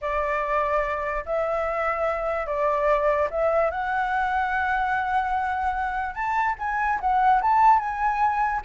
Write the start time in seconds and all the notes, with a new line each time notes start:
0.01 D5
1.25 E5
2.46 D5
3.30 E5
3.71 F#5
6.14 A5
6.58 G#5
7.00 F#5
7.41 A5
7.79 G#5